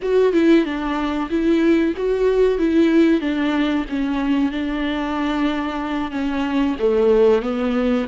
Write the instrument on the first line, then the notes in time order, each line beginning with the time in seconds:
viola
0.02 F#4
0.32 E4
0.64 D4
1.30 E4
1.96 F#4
2.58 E4
3.21 D4
3.89 C#4
4.51 D4
6.11 C#4
6.79 A3
7.42 B3